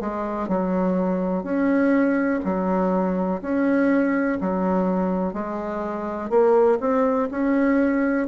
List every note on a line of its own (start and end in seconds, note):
0.00 0.48 G#3
0.48 1.43 F#3
1.43 2.40 C#4
2.44 3.41 F#3
3.41 4.38 C#4
4.41 5.33 F#3
5.33 6.30 G#3
6.30 6.78 A#3
6.80 7.28 C4
7.31 8.27 C#4